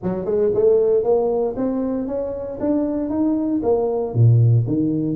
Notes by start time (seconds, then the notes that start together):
0.03 F#3
0.25 G#3
0.54 A3
1.03 A#3
1.56 C4
2.07 C#4
2.60 D4
3.09 D#4
3.63 A#3
4.14 A#2
4.67 D#3